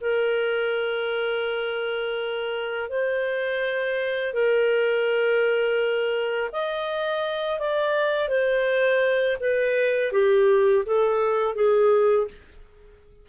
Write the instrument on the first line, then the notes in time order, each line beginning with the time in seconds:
clarinet
0.00 A#4
2.89 C5
4.33 A#4
6.52 D#5
7.59 D5
8.28 C5
9.40 B4
10.12 G4
10.85 A4
11.55 G#4